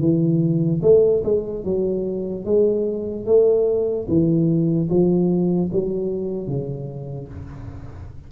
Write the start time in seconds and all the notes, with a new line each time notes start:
0.00 E3
0.82 A3
1.24 G#3
1.64 F#3
2.45 G#3
3.26 A3
4.08 E3
4.89 F3
5.72 F#3
6.47 C#3